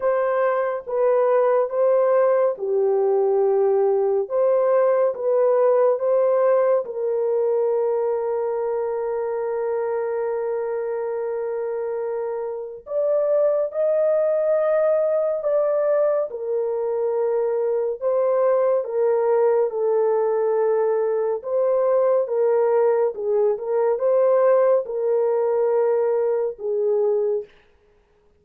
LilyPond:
\new Staff \with { instrumentName = "horn" } { \time 4/4 \tempo 4 = 70 c''4 b'4 c''4 g'4~ | g'4 c''4 b'4 c''4 | ais'1~ | ais'2. d''4 |
dis''2 d''4 ais'4~ | ais'4 c''4 ais'4 a'4~ | a'4 c''4 ais'4 gis'8 ais'8 | c''4 ais'2 gis'4 | }